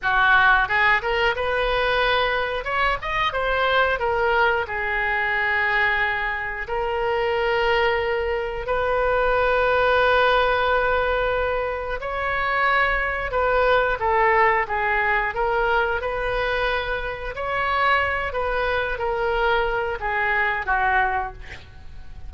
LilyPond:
\new Staff \with { instrumentName = "oboe" } { \time 4/4 \tempo 4 = 90 fis'4 gis'8 ais'8 b'2 | cis''8 dis''8 c''4 ais'4 gis'4~ | gis'2 ais'2~ | ais'4 b'2.~ |
b'2 cis''2 | b'4 a'4 gis'4 ais'4 | b'2 cis''4. b'8~ | b'8 ais'4. gis'4 fis'4 | }